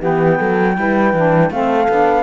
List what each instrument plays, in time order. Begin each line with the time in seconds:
0.00 cello E3, saxophone B3, horn G4, flute G5
0.38 cello F#3, horn A4
0.77 cello G3, saxophone E4, horn B4
1.14 cello E3, saxophone D4
1.51 cello A3, saxophone C4, horn A4, flute F5
1.89 cello B3, saxophone D4